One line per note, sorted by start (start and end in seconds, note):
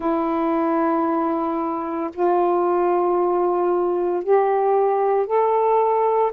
0.00 2.10 E4
2.13 4.23 F4
4.23 5.26 G4
5.26 6.32 A4